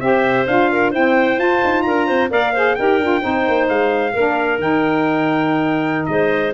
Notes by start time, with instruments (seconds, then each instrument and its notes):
0.00 tuba C4, saxophone G4, clarinet C5, trumpet E5
0.46 tuba D4, saxophone F4, trumpet F5
0.72 clarinet A#4
0.91 saxophone C4, tuba E4, clarinet C5, trumpet G5
1.38 saxophone F4, tuba F4, trumpet A5
1.64 tuba D#4
1.82 tuba D4, clarinet A#4, trumpet A#5
2.06 tuba C4, clarinet C5
2.30 tuba A#3, saxophone A#4, clarinet D5, trumpet F5
2.53 saxophone G#4, clarinet C5
2.75 tuba D#4, saxophone G4, clarinet A#4, trumpet G5
2.98 tuba D4, saxophone F4
3.20 tuba C4, saxophone D#4, clarinet C5
3.47 tuba A#3
3.68 tuba G#3, trumpet F5
4.13 tuba A#3, saxophone D4, clarinet A#4
4.58 tuba D#3, saxophone D#4, trumpet G5
6.05 tuba G#3, clarinet C5, trumpet D#5